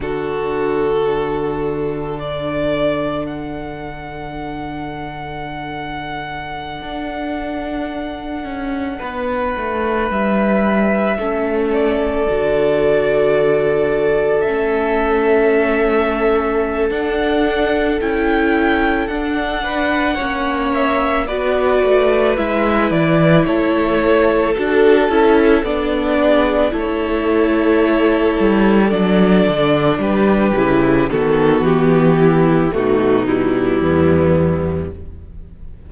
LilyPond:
<<
  \new Staff \with { instrumentName = "violin" } { \time 4/4 \tempo 4 = 55 a'2 d''4 fis''4~ | fis''1~ | fis''4~ fis''16 e''4. d''4~ d''16~ | d''4~ d''16 e''2~ e''16 fis''8~ |
fis''8 g''4 fis''4. e''8 d''8~ | d''8 e''8 d''8 cis''4 a'4 d''8~ | d''8 cis''2 d''4 b'8~ | b'8 a'8 g'4 fis'8 e'4. | }
  \new Staff \with { instrumentName = "violin" } { \time 4/4 fis'2 a'2~ | a'1~ | a'16 b'2 a'4.~ a'16~ | a'1~ |
a'2 b'8 cis''4 b'8~ | b'4. a'2~ a'8 | gis'8 a'2. g'8~ | g'8 fis'4 e'8 dis'4 b4 | }
  \new Staff \with { instrumentName = "viola" } { \time 4/4 d'1~ | d'1~ | d'2~ d'16 cis'4 fis'8.~ | fis'4~ fis'16 cis'2~ cis'16 d'8~ |
d'8 e'4 d'4 cis'4 fis'8~ | fis'8 e'2 fis'8 e'8 d'8~ | d'8 e'2 d'4. | e'8 b4. a8 g4. | }
  \new Staff \with { instrumentName = "cello" } { \time 4/4 d1~ | d2~ d16 d'4. cis'16~ | cis'16 b8 a8 g4 a4 d8.~ | d4~ d16 a2~ a16 d'8~ |
d'8 cis'4 d'4 ais4 b8 | a8 gis8 e8 a4 d'8 cis'8 b8~ | b8 a4. g8 fis8 d8 g8 | cis8 dis8 e4 b,4 e,4 | }
>>